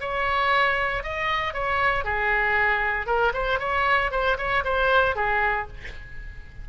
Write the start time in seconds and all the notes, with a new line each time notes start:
0.00 C#5
1.03 D#5
1.54 C#5
2.04 G#4
3.06 A#4
3.33 C5
3.59 C#5
4.11 C5
4.37 C#5
4.64 C5
5.15 G#4